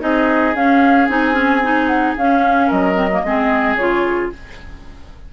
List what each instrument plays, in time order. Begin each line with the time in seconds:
0.00 bassoon C4, clarinet D#4, oboe G#4, flute D#5
0.55 bassoon C#4, clarinet C#4, flute F5
1.08 bassoon C4, clarinet D#4, flute G#5
1.34 clarinet C#4
1.63 clarinet D#4
1.87 flute F#5
2.17 bassoon C#4, clarinet C#4, flute F5
2.67 bassoon F#3, oboe A#4, flute D#5
2.95 clarinet C4
3.12 clarinet A#3
3.23 bassoon G#3, clarinet C4, oboe G#4
3.75 bassoon C#3, clarinet F4, flute C#5